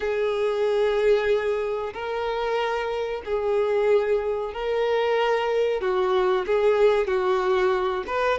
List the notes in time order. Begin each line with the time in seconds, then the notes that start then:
0.00 G#4
1.93 A#4
3.25 G#4
4.53 A#4
5.81 F#4
6.46 G#4
7.07 F#4
8.06 B4